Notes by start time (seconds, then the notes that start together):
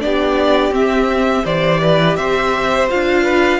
0.00 B3 D4 G4 D5
0.71 C4 E5
1.44 E3 G4 C5 D5
1.82 B4
2.16 C4 C5 E5
2.89 D4 F4 F5
3.23 B4